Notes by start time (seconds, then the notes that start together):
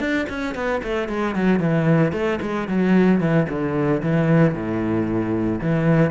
0.00 D4
0.29 C#4
0.55 B3
0.84 A3
1.09 G#3
1.35 F#3
1.60 E3
2.13 A3
2.42 G#3
2.68 F#3
3.21 E3
3.49 D3
4.03 E3
4.54 A2
5.62 E3